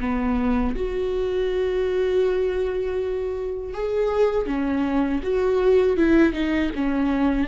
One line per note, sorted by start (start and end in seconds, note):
0.00 0.75 B3
0.75 3.74 F#4
3.74 4.46 G#4
4.46 5.21 C#4
5.23 5.97 F#4
5.97 6.33 E4
6.33 6.70 D#4
6.75 7.47 C#4